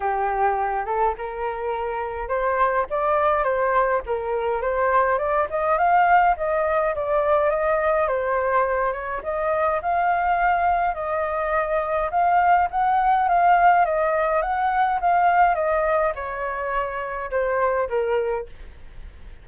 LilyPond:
\new Staff \with { instrumentName = "flute" } { \time 4/4 \tempo 4 = 104 g'4. a'8 ais'2 | c''4 d''4 c''4 ais'4 | c''4 d''8 dis''8 f''4 dis''4 | d''4 dis''4 c''4. cis''8 |
dis''4 f''2 dis''4~ | dis''4 f''4 fis''4 f''4 | dis''4 fis''4 f''4 dis''4 | cis''2 c''4 ais'4 | }